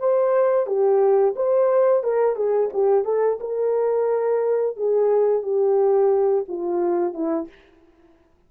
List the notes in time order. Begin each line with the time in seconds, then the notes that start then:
0.00 C5
0.67 G4
1.36 C5
2.04 A#4
2.36 G#4
2.73 G4
3.05 A4
3.41 A#4
4.77 G#4
5.43 G4
6.49 F4
7.14 E4